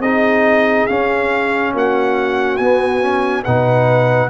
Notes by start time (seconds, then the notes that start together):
0.00 C4 D#4 G#4 D#5
0.87 C#4 F5
1.74 A#3 F#4 F#5
2.57 B3 G#5
3.02 C#4
3.44 B2 D#4 B4 F#5